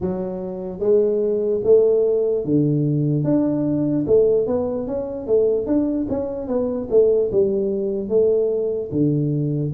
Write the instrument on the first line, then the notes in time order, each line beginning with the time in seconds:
tuba
0.00 F#3
0.79 G#3
1.63 A3
2.44 D3
3.24 D4
4.06 A3
4.46 B3
4.87 C#4
5.27 A3
5.66 D4
6.08 C#4
6.47 B3
6.90 A3
7.31 G3
8.09 A3
8.91 D3